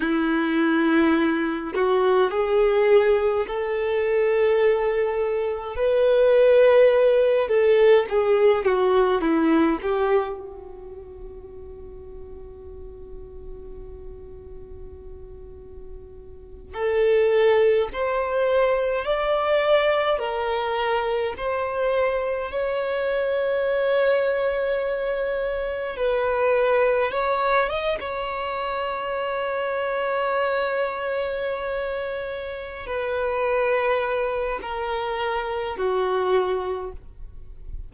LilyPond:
\new Staff \with { instrumentName = "violin" } { \time 4/4 \tempo 4 = 52 e'4. fis'8 gis'4 a'4~ | a'4 b'4. a'8 gis'8 fis'8 | e'8 g'8 fis'2.~ | fis'2~ fis'8 a'4 c''8~ |
c''8 d''4 ais'4 c''4 cis''8~ | cis''2~ cis''8 b'4 cis''8 | dis''16 cis''2.~ cis''8.~ | cis''8 b'4. ais'4 fis'4 | }